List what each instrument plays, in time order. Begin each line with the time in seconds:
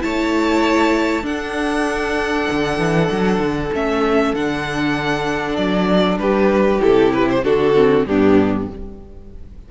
0.00 cello A3, viola E4, violin C#5 A5
1.23 viola D4, cello D4, violin A4 F#5
2.51 cello D3
2.78 cello E3
3.11 cello F#3
3.39 cello D3
3.74 cello A3, viola C#4, violin E5
4.34 cello D3, viola D4, violin F#5
5.56 cello F#3, violin D5
6.17 cello G3, violin G4 B4
6.80 cello C3, viola E4, violin A4
7.13 violin B4
7.30 violin C5
7.44 cello D3, viola D4, violin F#4 A4
7.76 viola C4
8.06 cello G2, viola B3, violin D4 G4